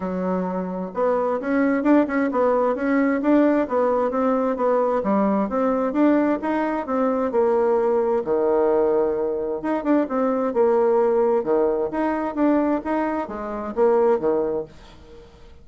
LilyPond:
\new Staff \with { instrumentName = "bassoon" } { \time 4/4 \tempo 4 = 131 fis2 b4 cis'4 | d'8 cis'8 b4 cis'4 d'4 | b4 c'4 b4 g4 | c'4 d'4 dis'4 c'4 |
ais2 dis2~ | dis4 dis'8 d'8 c'4 ais4~ | ais4 dis4 dis'4 d'4 | dis'4 gis4 ais4 dis4 | }